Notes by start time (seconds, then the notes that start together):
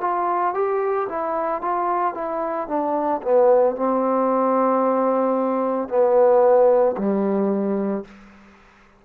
0.00 F4
0.54 G4
1.09 E4
1.61 F4
2.14 E4
2.67 D4
3.22 B3
3.75 C4
5.88 B3
6.97 G3